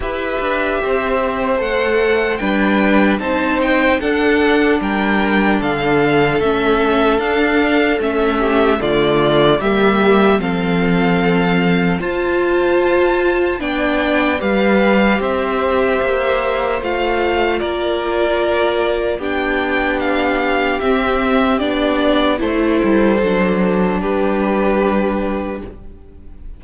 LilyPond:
<<
  \new Staff \with { instrumentName = "violin" } { \time 4/4 \tempo 4 = 75 e''2 fis''4 g''4 | a''8 g''8 fis''4 g''4 f''4 | e''4 f''4 e''4 d''4 | e''4 f''2 a''4~ |
a''4 g''4 f''4 e''4~ | e''4 f''4 d''2 | g''4 f''4 e''4 d''4 | c''2 b'2 | }
  \new Staff \with { instrumentName = "violin" } { \time 4/4 b'4 c''2 b'4 | c''4 a'4 ais'4 a'4~ | a'2~ a'8 g'8 f'4 | g'4 a'2 c''4~ |
c''4 d''4 b'4 c''4~ | c''2 ais'2 | g'1 | a'2 g'2 | }
  \new Staff \with { instrumentName = "viola" } { \time 4/4 g'2 a'4 d'4 | dis'4 d'2. | cis'4 d'4 cis'4 a4 | ais4 c'2 f'4~ |
f'4 d'4 g'2~ | g'4 f'2. | d'2 c'4 d'4 | e'4 d'2. | }
  \new Staff \with { instrumentName = "cello" } { \time 4/4 e'8 d'8 c'4 a4 g4 | c'4 d'4 g4 d4 | a4 d'4 a4 d4 | g4 f2 f'4~ |
f'4 b4 g4 c'4 | ais4 a4 ais2 | b2 c'4 b4 | a8 g8 fis4 g2 | }
>>